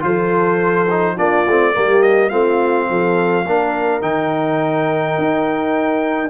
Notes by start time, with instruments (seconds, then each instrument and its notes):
0.00 tuba F3, trombone F4, horn A4, trumpet C5
0.90 trombone D#4
1.15 tuba A#3, trombone D4, horn F4, trumpet D5
1.46 tuba A3, trombone C4
1.74 tuba G3, trombone A#3, horn G4
2.02 trumpet D#5
2.29 tuba A3, trombone C4, horn F4, trumpet F5
2.90 tuba F3, horn A4
3.45 tuba A#3, trombone D4, horn A#4
4.01 tuba D#3, trombone D#4, trumpet G5
5.18 tuba D#4